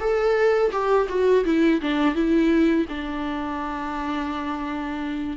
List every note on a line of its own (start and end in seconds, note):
0.00 0.71 A4
0.72 1.08 G4
1.09 1.45 F#4
1.45 1.81 E4
1.81 2.15 D4
2.15 2.86 E4
2.89 5.37 D4